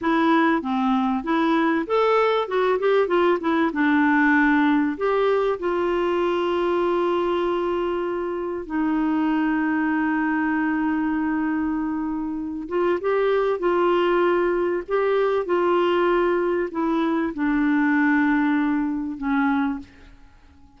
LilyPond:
\new Staff \with { instrumentName = "clarinet" } { \time 4/4 \tempo 4 = 97 e'4 c'4 e'4 a'4 | fis'8 g'8 f'8 e'8 d'2 | g'4 f'2.~ | f'2 dis'2~ |
dis'1~ | dis'8 f'8 g'4 f'2 | g'4 f'2 e'4 | d'2. cis'4 | }